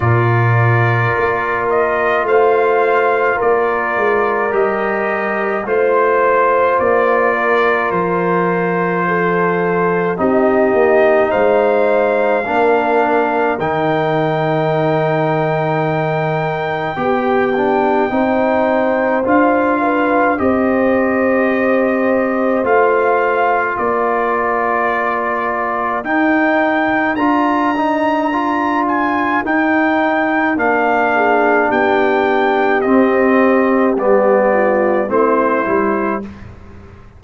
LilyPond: <<
  \new Staff \with { instrumentName = "trumpet" } { \time 4/4 \tempo 4 = 53 d''4. dis''8 f''4 d''4 | dis''4 c''4 d''4 c''4~ | c''4 dis''4 f''2 | g''1~ |
g''4 f''4 dis''2 | f''4 d''2 g''4 | ais''4. gis''8 g''4 f''4 | g''4 dis''4 d''4 c''4 | }
  \new Staff \with { instrumentName = "horn" } { \time 4/4 ais'2 c''4 ais'4~ | ais'4 c''4. ais'4. | a'4 g'4 c''4 ais'4~ | ais'2. g'4 |
c''4. b'8 c''2~ | c''4 ais'2.~ | ais'2.~ ais'8 gis'8 | g'2~ g'8 f'8 e'4 | }
  \new Staff \with { instrumentName = "trombone" } { \time 4/4 f'1 | g'4 f'2.~ | f'4 dis'2 d'4 | dis'2. g'8 d'8 |
dis'4 f'4 g'2 | f'2. dis'4 | f'8 dis'8 f'4 dis'4 d'4~ | d'4 c'4 b4 c'8 e'8 | }
  \new Staff \with { instrumentName = "tuba" } { \time 4/4 ais,4 ais4 a4 ais8 gis8 | g4 a4 ais4 f4~ | f4 c'8 ais8 gis4 ais4 | dis2. b4 |
c'4 d'4 c'2 | a4 ais2 dis'4 | d'2 dis'4 ais4 | b4 c'4 g4 a8 g8 | }
>>